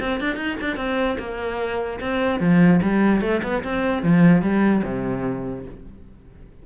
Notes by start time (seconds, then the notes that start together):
0.00 C4
0.20 D4
0.36 D#4
0.61 D4
0.76 C4
1.18 A#3
2.00 C4
2.40 F3
2.82 G3
3.21 A3
3.43 B3
3.63 C4
4.03 F3
4.42 G3
4.84 C3